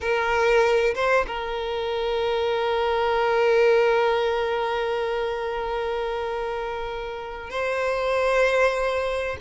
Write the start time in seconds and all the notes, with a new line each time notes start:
0.00 A#4
0.94 C5
1.27 A#4
7.49 C5